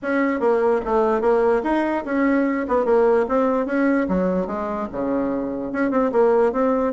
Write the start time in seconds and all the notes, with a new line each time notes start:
0.02 C#4
0.40 A#3
0.85 A3
1.21 A#3
1.63 D#4
2.05 C#4
2.68 B3
2.85 A#3
3.28 C4
3.66 C#4
4.08 F#3
4.46 G#3
4.92 C#3
5.72 C#4
5.91 C4
6.12 A#3
6.52 C4